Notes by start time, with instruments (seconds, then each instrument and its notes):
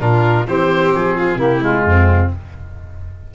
0.00 tuba A#2, trombone D4, violin F4, oboe A#4
0.47 tuba E3, trombone C4, violin G4, oboe C5
0.95 tuba F3, oboe G#4
1.17 violin F4
1.35 tuba C3, trombone A#3, violin E4, oboe G4
1.60 trombone G#3, oboe F4
1.84 tuba F2, violin C4